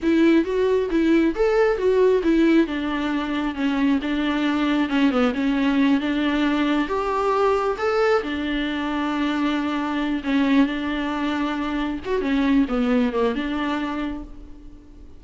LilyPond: \new Staff \with { instrumentName = "viola" } { \time 4/4 \tempo 4 = 135 e'4 fis'4 e'4 a'4 | fis'4 e'4 d'2 | cis'4 d'2 cis'8 b8 | cis'4. d'2 g'8~ |
g'4. a'4 d'4.~ | d'2. cis'4 | d'2. fis'8 cis'8~ | cis'8 b4 ais8 d'2 | }